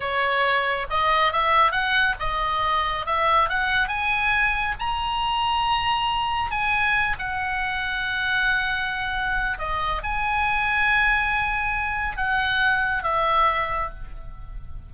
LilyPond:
\new Staff \with { instrumentName = "oboe" } { \time 4/4 \tempo 4 = 138 cis''2 dis''4 e''4 | fis''4 dis''2 e''4 | fis''4 gis''2 ais''4~ | ais''2. gis''4~ |
gis''8 fis''2.~ fis''8~ | fis''2 dis''4 gis''4~ | gis''1 | fis''2 e''2 | }